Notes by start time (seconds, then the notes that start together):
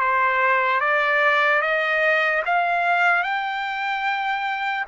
0.00 C5
0.80 D5
1.61 D#5
2.45 F5
3.23 G5